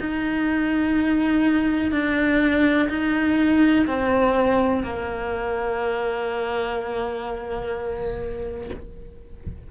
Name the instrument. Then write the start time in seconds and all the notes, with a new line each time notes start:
cello
0.00 D#4
1.92 D4
2.89 D#4
3.87 C4
4.83 A#3